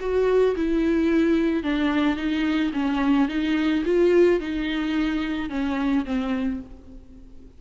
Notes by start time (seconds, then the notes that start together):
0.00 F#4
0.56 E4
1.63 D4
2.16 D#4
2.73 C#4
3.29 D#4
3.85 F4
4.40 D#4
5.50 C#4
6.05 C4